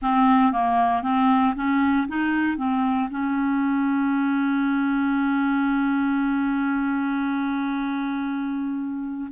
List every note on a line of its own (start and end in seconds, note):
0.02 0.52 C4
0.52 1.02 A#3
1.02 1.54 C4
1.55 2.07 C#4
2.07 2.57 D#4
2.57 3.08 C4
3.10 9.31 C#4